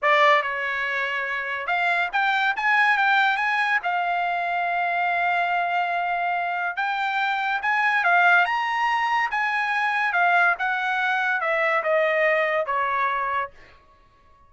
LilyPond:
\new Staff \with { instrumentName = "trumpet" } { \time 4/4 \tempo 4 = 142 d''4 cis''2. | f''4 g''4 gis''4 g''4 | gis''4 f''2.~ | f''1 |
g''2 gis''4 f''4 | ais''2 gis''2 | f''4 fis''2 e''4 | dis''2 cis''2 | }